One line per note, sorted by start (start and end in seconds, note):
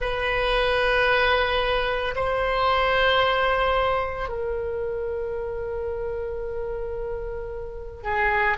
0.00 2.14 B4
2.15 4.29 C5
4.29 8.03 A#4
8.03 8.57 G#4